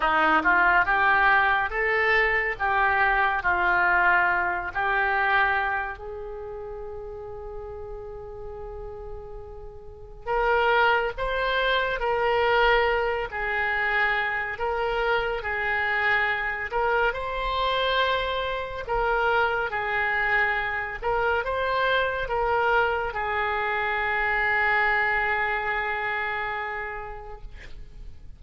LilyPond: \new Staff \with { instrumentName = "oboe" } { \time 4/4 \tempo 4 = 70 dis'8 f'8 g'4 a'4 g'4 | f'4. g'4. gis'4~ | gis'1 | ais'4 c''4 ais'4. gis'8~ |
gis'4 ais'4 gis'4. ais'8 | c''2 ais'4 gis'4~ | gis'8 ais'8 c''4 ais'4 gis'4~ | gis'1 | }